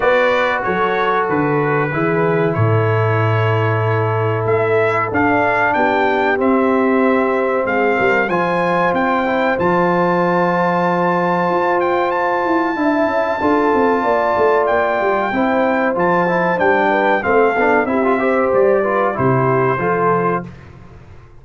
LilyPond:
<<
  \new Staff \with { instrumentName = "trumpet" } { \time 4/4 \tempo 4 = 94 d''4 cis''4 b'2 | cis''2. e''4 | f''4 g''4 e''2 | f''4 gis''4 g''4 a''4~ |
a''2~ a''8 g''8 a''4~ | a''2. g''4~ | g''4 a''4 g''4 f''4 | e''4 d''4 c''2 | }
  \new Staff \with { instrumentName = "horn" } { \time 4/4 b'4 a'2 gis'4 | a'1~ | a'4 g'2. | gis'8 ais'8 c''2.~ |
c''1 | e''4 a'4 d''2 | c''2~ c''8 b'8 a'4 | g'8 c''4 b'8 g'4 a'4 | }
  \new Staff \with { instrumentName = "trombone" } { \time 4/4 fis'2. e'4~ | e'1 | d'2 c'2~ | c'4 f'4. e'8 f'4~ |
f'1 | e'4 f'2. | e'4 f'8 e'8 d'4 c'8 d'8 | e'16 f'16 g'4 f'8 e'4 f'4 | }
  \new Staff \with { instrumentName = "tuba" } { \time 4/4 b4 fis4 d4 e4 | a,2. a4 | d'4 b4 c'2 | gis8 g8 f4 c'4 f4~ |
f2 f'4. e'8 | d'8 cis'8 d'8 c'8 ais8 a8 ais8 g8 | c'4 f4 g4 a8 b8 | c'4 g4 c4 f4 | }
>>